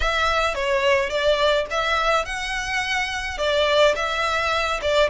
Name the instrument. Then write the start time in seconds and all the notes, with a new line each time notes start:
violin
0.00 E5
0.55 C#5
1.09 D5
1.70 E5
2.25 F#5
3.38 D5
3.95 E5
4.81 D5